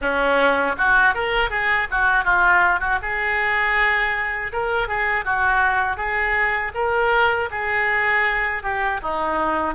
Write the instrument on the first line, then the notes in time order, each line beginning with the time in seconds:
oboe
0.01 C#4
0.77 F#4
1.14 A#4
1.50 G#4
1.91 F#4
2.24 F4
2.80 F#4
3.02 G#4
4.52 A#4
4.88 G#4
5.24 F#4
5.97 G#4
6.74 A#4
7.50 G#4
8.62 G4
9.02 D#4